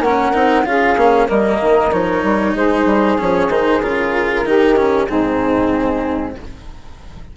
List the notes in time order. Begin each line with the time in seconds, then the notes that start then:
0.00 A#3 C#4 A#4 F#5
0.33 C4 D#4
0.65 C#4 F4 G#4 F5
0.97 A#3 C#4
1.27 G3 A#3 A#4 D#5
1.61 D#3
1.92 F3 D#4 C#5
2.23 G3
2.55 G#3 G#4 C5
2.86 G3
3.19 F3 C#4 C#5
3.49 D#3 D#4 C5
3.81 C#3 F4 A#4
4.46 D#3 D#4 G4
4.76 C#4
5.08 G#2 C4 D#4 G#4